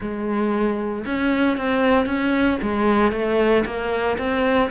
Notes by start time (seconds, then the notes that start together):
0.00 G#3
1.05 C#4
1.57 C4
2.06 C#4
2.62 G#3
3.12 A3
3.65 A#3
4.18 C4